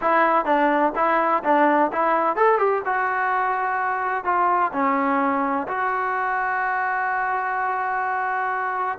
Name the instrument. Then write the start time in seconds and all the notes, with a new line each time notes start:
trombone
0.01 E4
0.45 D4
0.95 E4
1.43 D4
1.92 E4
2.36 A4
2.58 G4
2.85 F#4
4.24 F4
4.72 C#4
5.67 F#4